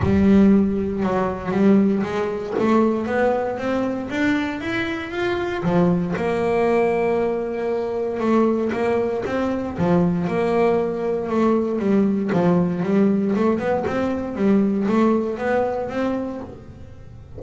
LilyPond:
\new Staff \with { instrumentName = "double bass" } { \time 4/4 \tempo 4 = 117 g2 fis4 g4 | gis4 a4 b4 c'4 | d'4 e'4 f'4 f4 | ais1 |
a4 ais4 c'4 f4 | ais2 a4 g4 | f4 g4 a8 b8 c'4 | g4 a4 b4 c'4 | }